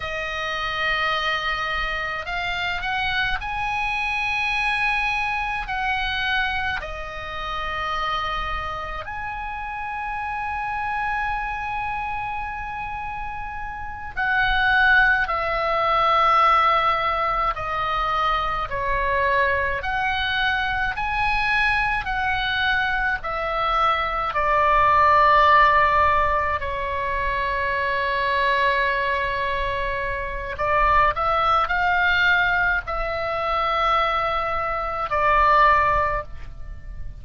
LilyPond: \new Staff \with { instrumentName = "oboe" } { \time 4/4 \tempo 4 = 53 dis''2 f''8 fis''8 gis''4~ | gis''4 fis''4 dis''2 | gis''1~ | gis''8 fis''4 e''2 dis''8~ |
dis''8 cis''4 fis''4 gis''4 fis''8~ | fis''8 e''4 d''2 cis''8~ | cis''2. d''8 e''8 | f''4 e''2 d''4 | }